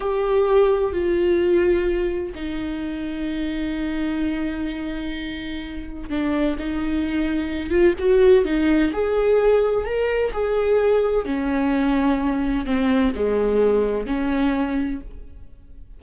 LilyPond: \new Staff \with { instrumentName = "viola" } { \time 4/4 \tempo 4 = 128 g'2 f'2~ | f'4 dis'2.~ | dis'1~ | dis'4 d'4 dis'2~ |
dis'8 f'8 fis'4 dis'4 gis'4~ | gis'4 ais'4 gis'2 | cis'2. c'4 | gis2 cis'2 | }